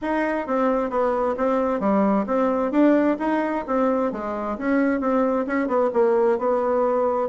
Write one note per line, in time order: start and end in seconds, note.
0.01 0.46 D#4
0.46 0.89 C4
0.89 1.35 B3
1.37 1.80 C4
1.80 2.25 G3
2.26 2.71 C4
2.71 3.17 D4
3.19 3.64 D#4
3.67 4.12 C4
4.12 4.57 G#3
4.58 5.00 C#4
5.00 5.45 C4
5.46 5.67 C#4
5.67 5.90 B3
5.93 6.38 A#3
6.38 7.29 B3